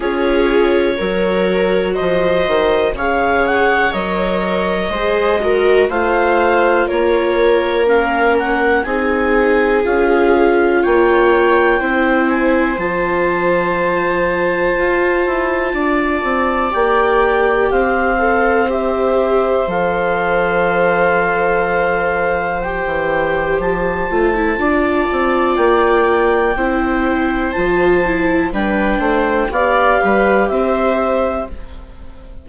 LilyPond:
<<
  \new Staff \with { instrumentName = "clarinet" } { \time 4/4 \tempo 4 = 61 cis''2 dis''4 f''8 fis''8 | dis''2 f''4 cis''4 | f''8 fis''8 gis''4 f''4 g''4~ | g''8 gis''8 a''2.~ |
a''4 g''4 f''4 e''4 | f''2. g''4 | a''2 g''2 | a''4 g''4 f''4 e''4 | }
  \new Staff \with { instrumentName = "viola" } { \time 4/4 gis'4 ais'4 c''4 cis''4~ | cis''4 c''8 ais'8 c''4 ais'4~ | ais'4 gis'2 cis''4 | c''1 |
d''2 c''2~ | c''1~ | c''4 d''2 c''4~ | c''4 b'8 c''8 d''8 b'8 c''4 | }
  \new Staff \with { instrumentName = "viola" } { \time 4/4 f'4 fis'2 gis'4 | ais'4 gis'8 fis'8 f'2 | cis'4 dis'4 f'2 | e'4 f'2.~ |
f'4 g'4. a'8 g'4 | a'2. g'4~ | g'8 f'16 e'16 f'2 e'4 | f'8 e'8 d'4 g'2 | }
  \new Staff \with { instrumentName = "bassoon" } { \time 4/4 cis'4 fis4 f8 dis8 cis4 | fis4 gis4 a4 ais4~ | ais4 c'4 cis'4 ais4 | c'4 f2 f'8 e'8 |
d'8 c'8 ais4 c'2 | f2.~ f16 e8. | f8 a8 d'8 c'8 ais4 c'4 | f4 g8 a8 b8 g8 c'4 | }
>>